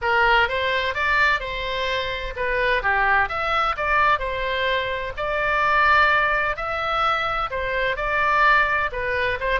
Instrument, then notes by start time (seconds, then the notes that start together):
oboe
0.01 A#4
0.48 C5
0.94 D5
1.40 C5
2.36 B4
2.82 G4
3.29 E5
3.76 D5
4.19 C5
5.16 D5
6.56 E5
7.50 C5
7.96 D5
8.91 B4
9.40 C5